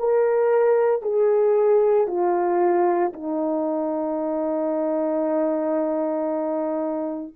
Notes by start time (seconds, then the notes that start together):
0.00 A#4
1.02 G#4
2.08 F4
3.13 D#4